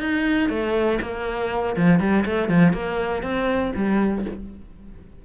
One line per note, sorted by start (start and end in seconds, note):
0.00 0.49 D#4
0.49 0.99 A3
1.01 1.76 A#3
1.76 2.00 F3
2.00 2.24 G3
2.25 2.49 A3
2.49 2.73 F3
2.73 3.23 A#3
3.23 3.72 C4
3.75 4.25 G3